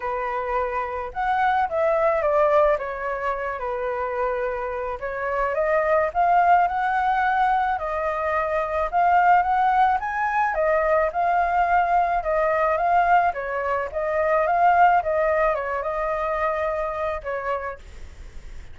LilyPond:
\new Staff \with { instrumentName = "flute" } { \time 4/4 \tempo 4 = 108 b'2 fis''4 e''4 | d''4 cis''4. b'4.~ | b'4 cis''4 dis''4 f''4 | fis''2 dis''2 |
f''4 fis''4 gis''4 dis''4 | f''2 dis''4 f''4 | cis''4 dis''4 f''4 dis''4 | cis''8 dis''2~ dis''8 cis''4 | }